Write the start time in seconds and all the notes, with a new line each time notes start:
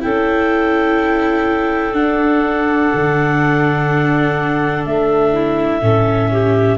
0.00 C#4 E4 A4 G5
1.93 D4 F#5
2.94 D3
4.85 A3 E5
5.33 E4
5.81 A2 C#4 A4
6.32 G4